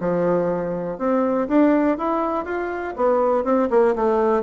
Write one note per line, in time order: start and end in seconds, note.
0.00 0.98 F3
0.98 1.47 C4
1.48 1.97 D4
1.97 2.45 E4
2.45 2.94 F4
2.96 3.44 B3
3.44 3.69 C4
3.70 3.95 A#3
3.95 4.43 A3